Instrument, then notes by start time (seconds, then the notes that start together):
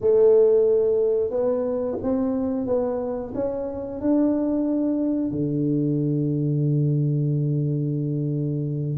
tuba
0.01 A3
1.30 B3
2.02 C4
2.66 B3
3.34 C#4
4.01 D4
5.31 D3